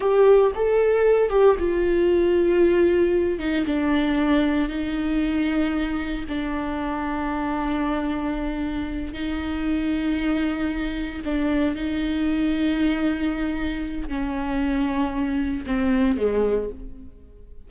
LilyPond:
\new Staff \with { instrumentName = "viola" } { \time 4/4 \tempo 4 = 115 g'4 a'4. g'8 f'4~ | f'2~ f'8 dis'8 d'4~ | d'4 dis'2. | d'1~ |
d'4. dis'2~ dis'8~ | dis'4. d'4 dis'4.~ | dis'2. cis'4~ | cis'2 c'4 gis4 | }